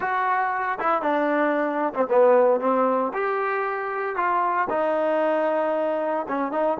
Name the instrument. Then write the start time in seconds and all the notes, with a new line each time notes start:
trombone
0.00 F#4
0.79 E4
1.02 D4
1.94 C4
2.09 B3
2.60 C4
3.13 G4
4.15 F4
4.69 D#4
6.28 C#4
6.51 D#4